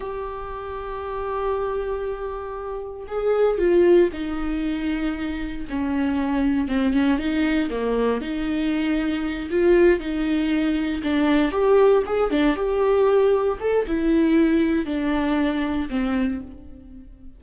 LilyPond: \new Staff \with { instrumentName = "viola" } { \time 4/4 \tempo 4 = 117 g'1~ | g'2 gis'4 f'4 | dis'2. cis'4~ | cis'4 c'8 cis'8 dis'4 ais4 |
dis'2~ dis'8 f'4 dis'8~ | dis'4. d'4 g'4 gis'8 | d'8 g'2 a'8 e'4~ | e'4 d'2 c'4 | }